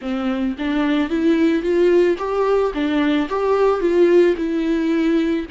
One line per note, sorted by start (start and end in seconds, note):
0.01 0.56 C4
0.58 1.09 D4
1.09 1.62 E4
1.62 2.16 F4
2.18 2.72 G4
2.74 3.28 D4
3.29 3.80 G4
3.80 4.34 F4
4.36 5.45 E4